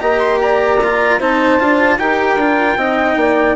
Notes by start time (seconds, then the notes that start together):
0.00 A#3 G4 D#5 A#5
0.19 C6
0.41 D5 A#5
0.83 F4
1.19 C4 D#4 C5 A5
1.60 D4 F4
1.99 D#4 G4 A#4 G5
2.36 D4 F4
2.76 C4 D#4 D#5
3.16 A#3 D5